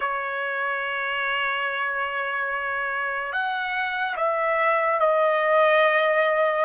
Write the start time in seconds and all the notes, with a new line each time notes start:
0.00 C#5
3.32 F#5
4.16 E5
4.99 D#5